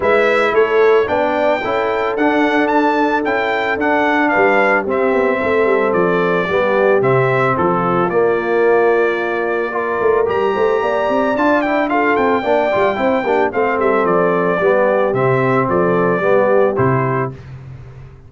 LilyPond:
<<
  \new Staff \with { instrumentName = "trumpet" } { \time 4/4 \tempo 4 = 111 e''4 cis''4 g''2 | fis''4 a''4 g''4 fis''4 | f''4 e''2 d''4~ | d''4 e''4 a'4 d''4~ |
d''2. ais''4~ | ais''4 a''8 g''8 f''8 g''4.~ | g''4 f''8 e''8 d''2 | e''4 d''2 c''4 | }
  \new Staff \with { instrumentName = "horn" } { \time 4/4 b'4 a'4 d''4 a'4~ | a'1 | b'4 g'4 a'2 | g'2 f'2~ |
f'2 ais'4. c''8 | d''2 a'4 d''4 | c''8 g'8 a'2 g'4~ | g'4 a'4 g'2 | }
  \new Staff \with { instrumentName = "trombone" } { \time 4/4 e'2 d'4 e'4 | d'2 e'4 d'4~ | d'4 c'2. | b4 c'2 ais4~ |
ais2 f'4 g'4~ | g'4 f'8 e'8 f'4 d'8 f'8 | e'8 d'8 c'2 b4 | c'2 b4 e'4 | }
  \new Staff \with { instrumentName = "tuba" } { \time 4/4 gis4 a4 b4 cis'4 | d'2 cis'4 d'4 | g4 c'8 b8 a8 g8 f4 | g4 c4 f4 ais4~ |
ais2~ ais8 a8 g8 a8 | ais8 c'8 d'4. c'8 ais8 g8 | c'8 ais8 a8 g8 f4 g4 | c4 f4 g4 c4 | }
>>